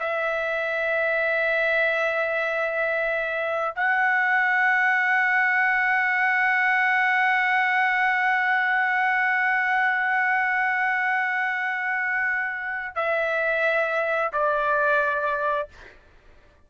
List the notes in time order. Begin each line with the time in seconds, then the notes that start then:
0.00 E5
3.76 F#5
12.95 E5
14.33 D5